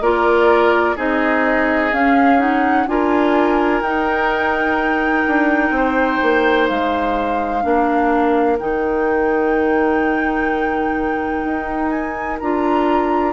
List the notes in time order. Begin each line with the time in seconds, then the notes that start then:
0.00 A#3 F4 A#4 D5
0.96 C4 D#4 G#4 D#5
1.92 C#4 F5
2.38 D#4 F#5
2.86 D4 F4 A#4 G#5
3.81 D#4 G5
5.27 D4
5.70 C4 C5
6.22 A#3
6.68 G#3 F5
7.62 A#3 D4 A#4
8.59 D#3 D#4 G5
11.44 D#4
11.89 G#5
12.39 D4 F4 A#5